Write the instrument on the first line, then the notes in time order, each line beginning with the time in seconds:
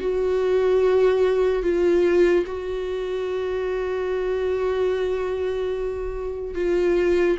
viola
0.00 F#4
1.63 F4
2.45 F#4
6.55 F4